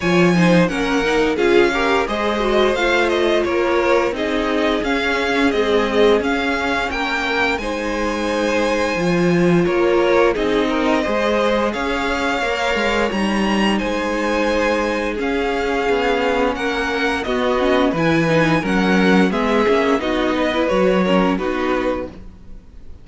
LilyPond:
<<
  \new Staff \with { instrumentName = "violin" } { \time 4/4 \tempo 4 = 87 gis''4 fis''4 f''4 dis''4 | f''8 dis''8 cis''4 dis''4 f''4 | dis''4 f''4 g''4 gis''4~ | gis''2 cis''4 dis''4~ |
dis''4 f''2 ais''4 | gis''2 f''2 | fis''4 dis''4 gis''4 fis''4 | e''4 dis''4 cis''4 b'4 | }
  \new Staff \with { instrumentName = "violin" } { \time 4/4 cis''8 c''8 ais'4 gis'8 ais'8 c''4~ | c''4 ais'4 gis'2~ | gis'2 ais'4 c''4~ | c''2 ais'4 gis'8 ais'8 |
c''4 cis''2. | c''2 gis'2 | ais'4 fis'4 b'4 ais'4 | gis'4 fis'8 b'4 ais'8 fis'4 | }
  \new Staff \with { instrumentName = "viola" } { \time 4/4 f'8 dis'8 cis'8 dis'8 f'8 g'8 gis'8 fis'8 | f'2 dis'4 cis'4 | gis4 cis'2 dis'4~ | dis'4 f'2 dis'4 |
gis'2 ais'4 dis'4~ | dis'2 cis'2~ | cis'4 b8 cis'8 e'8 dis'8 cis'4 | b8 cis'8 dis'8. e'16 fis'8 cis'8 dis'4 | }
  \new Staff \with { instrumentName = "cello" } { \time 4/4 f4 ais4 cis'4 gis4 | a4 ais4 c'4 cis'4 | c'4 cis'4 ais4 gis4~ | gis4 f4 ais4 c'4 |
gis4 cis'4 ais8 gis8 g4 | gis2 cis'4 b4 | ais4 b4 e4 fis4 | gis8 ais8 b4 fis4 b4 | }
>>